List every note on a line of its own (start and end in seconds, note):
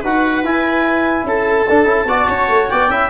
0.00 0.43 D#4
0.00 0.45 F#4
0.00 1.22 B4
0.00 0.44 F#5
0.43 1.24 E4
0.43 1.67 E4
0.43 1.26 G#5
1.24 1.65 C#4
1.24 2.08 A4
1.24 2.69 A5
1.69 1.85 D4
1.85 2.05 C#4
1.85 2.06 E4
2.05 2.25 B3
2.05 2.89 F#4
2.05 2.29 D5
2.29 2.49 C#4
2.29 2.70 C#5
2.49 2.69 A3
2.69 2.89 B3
2.69 2.91 D5
2.69 3.10 G5
2.89 3.09 C#4
2.89 3.10 E4
2.89 3.10 E5